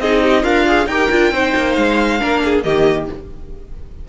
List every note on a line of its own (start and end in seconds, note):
0.00 0.44 C4
0.00 0.44 D#4
0.00 0.23 G#4
0.00 0.44 D#5
0.23 0.43 G4
0.43 0.87 D4
0.43 0.87 F4
0.43 0.67 A#4
0.43 0.88 F5
0.68 0.90 G#4
0.87 1.09 D#4
0.87 1.12 G4
0.87 1.33 A#4
0.87 1.74 G5
1.11 1.32 D4
1.11 1.34 F4
1.32 1.54 C4
1.32 2.20 D#4
1.32 2.21 C5
1.56 1.77 A#3
1.74 2.21 G#3
1.74 2.62 F5
2.20 2.65 A#3
2.20 2.65 D4
2.20 2.43 A#4
2.45 2.65 G#4
2.64 3.09 D#3
2.64 3.09 A#3
2.64 3.09 G4
2.64 3.08 D#5